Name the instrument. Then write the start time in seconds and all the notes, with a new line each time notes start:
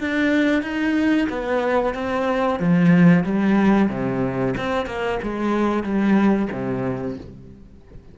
cello
0.00 D4
0.63 D#4
1.30 B3
1.95 C4
2.60 F3
3.24 G3
3.90 C3
4.58 C4
4.87 A#3
5.23 G#3
5.84 G3
6.53 C3